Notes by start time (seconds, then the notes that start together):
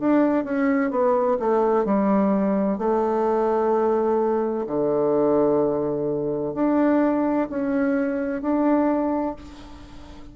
0.00 D4
0.45 C#4
0.91 B3
1.40 A3
1.85 G3
2.79 A3
4.67 D3
6.55 D4
7.50 C#4
8.42 D4